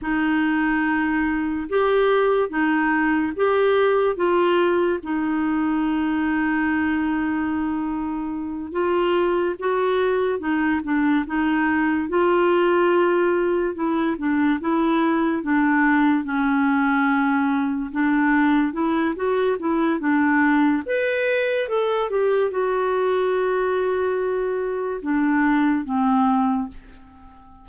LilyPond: \new Staff \with { instrumentName = "clarinet" } { \time 4/4 \tempo 4 = 72 dis'2 g'4 dis'4 | g'4 f'4 dis'2~ | dis'2~ dis'8 f'4 fis'8~ | fis'8 dis'8 d'8 dis'4 f'4.~ |
f'8 e'8 d'8 e'4 d'4 cis'8~ | cis'4. d'4 e'8 fis'8 e'8 | d'4 b'4 a'8 g'8 fis'4~ | fis'2 d'4 c'4 | }